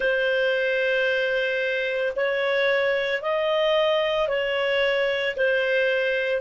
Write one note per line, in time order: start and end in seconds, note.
0.00 2.13 C5
2.16 3.21 C#5
3.21 4.28 D#5
4.28 5.35 C#5
5.36 6.40 C5